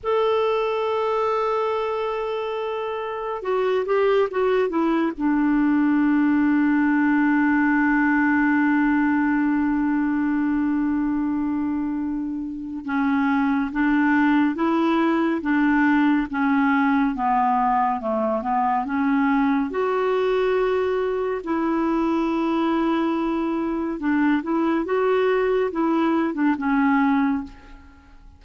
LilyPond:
\new Staff \with { instrumentName = "clarinet" } { \time 4/4 \tempo 4 = 70 a'1 | fis'8 g'8 fis'8 e'8 d'2~ | d'1~ | d'2. cis'4 |
d'4 e'4 d'4 cis'4 | b4 a8 b8 cis'4 fis'4~ | fis'4 e'2. | d'8 e'8 fis'4 e'8. d'16 cis'4 | }